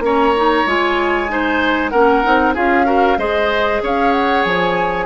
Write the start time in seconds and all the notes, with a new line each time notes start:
0.00 A#3 C#4 C#5 A#5
0.37 D#4
0.67 G#3 F4 G#5
1.29 D#4 C5
1.90 A#3 C#4 A#4 F#5
2.24 C4 D#4
2.55 C#4 F4 G#4 F5
2.86 F#4 A#4
3.18 G#3 G#4 C5 D#5
3.83 C#4 C#5 F5
4.12 F#5
4.44 F3 G#5